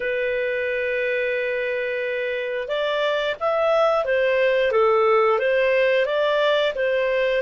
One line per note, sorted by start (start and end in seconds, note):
0.00 2.68 B4
2.68 3.35 D5
3.40 4.04 E5
4.04 4.71 C5
4.71 5.38 A4
5.38 6.05 C5
6.05 6.73 D5
6.75 7.42 C5